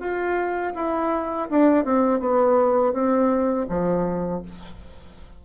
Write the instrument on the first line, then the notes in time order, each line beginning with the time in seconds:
bassoon
0.00 F4
0.75 E4
1.50 D4
1.85 C4
2.20 B3
2.93 C4
3.69 F3